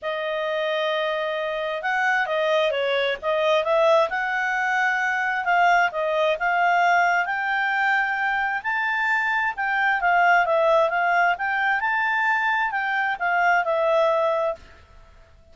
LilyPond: \new Staff \with { instrumentName = "clarinet" } { \time 4/4 \tempo 4 = 132 dis''1 | fis''4 dis''4 cis''4 dis''4 | e''4 fis''2. | f''4 dis''4 f''2 |
g''2. a''4~ | a''4 g''4 f''4 e''4 | f''4 g''4 a''2 | g''4 f''4 e''2 | }